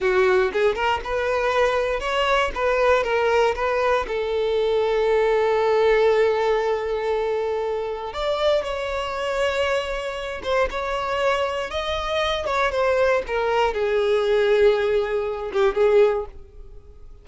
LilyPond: \new Staff \with { instrumentName = "violin" } { \time 4/4 \tempo 4 = 118 fis'4 gis'8 ais'8 b'2 | cis''4 b'4 ais'4 b'4 | a'1~ | a'1 |
d''4 cis''2.~ | cis''8 c''8 cis''2 dis''4~ | dis''8 cis''8 c''4 ais'4 gis'4~ | gis'2~ gis'8 g'8 gis'4 | }